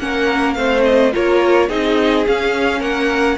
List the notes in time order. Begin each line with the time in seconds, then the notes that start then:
0.00 A#3 C#4 A#4 F#5
0.54 A3 C4 C5 F5
0.84 D#5
1.12 A#3 F4 A#4 C#5
1.69 C4 D#4 G#4 D#5
2.26 C#4 F5
2.79 A#3 A#4 F#5